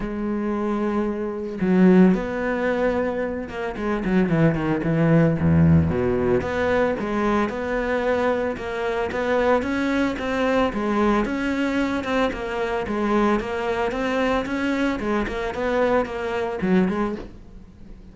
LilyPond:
\new Staff \with { instrumentName = "cello" } { \time 4/4 \tempo 4 = 112 gis2. fis4 | b2~ b8 ais8 gis8 fis8 | e8 dis8 e4 e,4 b,4 | b4 gis4 b2 |
ais4 b4 cis'4 c'4 | gis4 cis'4. c'8 ais4 | gis4 ais4 c'4 cis'4 | gis8 ais8 b4 ais4 fis8 gis8 | }